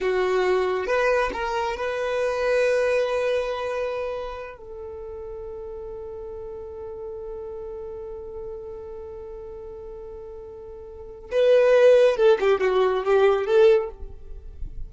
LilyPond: \new Staff \with { instrumentName = "violin" } { \time 4/4 \tempo 4 = 138 fis'2 b'4 ais'4 | b'1~ | b'2~ b'8 a'4.~ | a'1~ |
a'1~ | a'1~ | a'2 b'2 | a'8 g'8 fis'4 g'4 a'4 | }